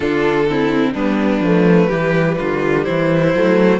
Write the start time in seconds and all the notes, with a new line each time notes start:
0.00 D3 D4 F4 A4
0.50 C4 E4
0.93 G3 B3 D4 B4
1.40 F3 A3
1.87 E3 G3 G4
2.38 D3 F4
2.84 E3 E4 C5
3.34 F#3 A3